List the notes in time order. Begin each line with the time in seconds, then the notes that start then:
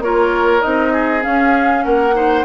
0.00 A#3 F4 A#4 C#5
0.61 C4 D#4 D#5
0.92 G#4
1.21 C#4 F5
1.84 A#3 A#4 F#5
2.14 D#4 C5